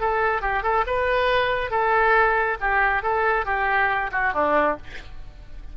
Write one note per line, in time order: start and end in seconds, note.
0.00 0.41 A4
0.41 0.63 G4
0.63 0.85 A4
0.87 1.70 B4
1.70 2.57 A4
2.61 3.02 G4
3.02 3.45 A4
3.45 4.11 G4
4.12 4.34 F#4
4.34 4.77 D4